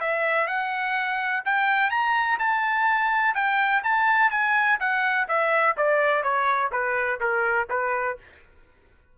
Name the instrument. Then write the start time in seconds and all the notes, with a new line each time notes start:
trumpet
0.00 E5
0.47 F#5
1.45 G5
1.90 A#5
2.39 A5
3.34 G5
3.83 A5
4.30 G#5
4.80 F#5
5.28 E5
5.77 D5
6.23 C#5
6.72 B4
7.20 A#4
7.70 B4